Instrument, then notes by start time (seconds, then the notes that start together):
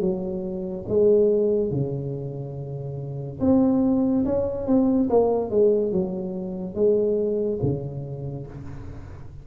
tuba
0.00 F#3
0.88 G#3
1.70 C#3
3.40 C4
4.25 C#4
4.66 C4
5.09 A#3
5.50 G#3
5.92 F#3
6.74 G#3
7.62 C#3